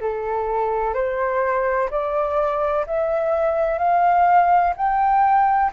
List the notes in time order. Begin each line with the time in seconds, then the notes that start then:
0.00 A4
0.94 C5
1.90 D5
2.86 E5
3.78 F5
4.76 G5